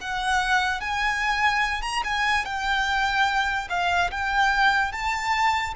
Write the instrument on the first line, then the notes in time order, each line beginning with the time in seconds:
violin
0.00 F#5
0.80 G#5
1.82 A#5
2.04 G#5
2.45 G5
3.69 F5
4.11 G5
4.92 A5